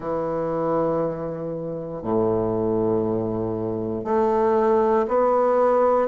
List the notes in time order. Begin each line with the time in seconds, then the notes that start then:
0.00 E3
2.02 A2
4.04 A3
5.08 B3